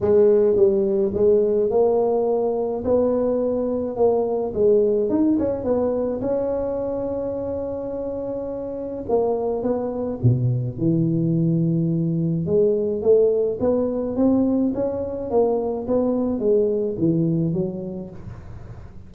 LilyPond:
\new Staff \with { instrumentName = "tuba" } { \time 4/4 \tempo 4 = 106 gis4 g4 gis4 ais4~ | ais4 b2 ais4 | gis4 dis'8 cis'8 b4 cis'4~ | cis'1 |
ais4 b4 b,4 e4~ | e2 gis4 a4 | b4 c'4 cis'4 ais4 | b4 gis4 e4 fis4 | }